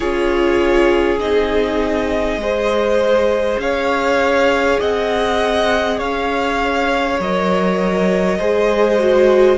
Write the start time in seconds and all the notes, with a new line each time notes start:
0.00 C#4 F4 G#4 C#5
1.19 C4 D#4 D#5
2.36 G#3 G#4 C5
3.58 C#4 C#5 F5
4.80 C4 D#5 F#5
5.98 C#4 C#5 F5
7.19 F#3 A#4 D#5
8.38 G#3 G#4 C5
8.99 F#4